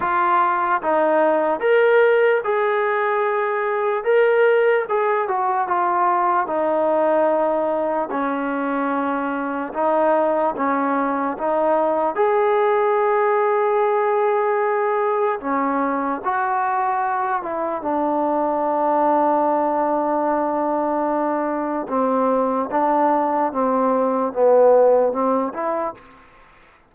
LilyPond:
\new Staff \with { instrumentName = "trombone" } { \time 4/4 \tempo 4 = 74 f'4 dis'4 ais'4 gis'4~ | gis'4 ais'4 gis'8 fis'8 f'4 | dis'2 cis'2 | dis'4 cis'4 dis'4 gis'4~ |
gis'2. cis'4 | fis'4. e'8 d'2~ | d'2. c'4 | d'4 c'4 b4 c'8 e'8 | }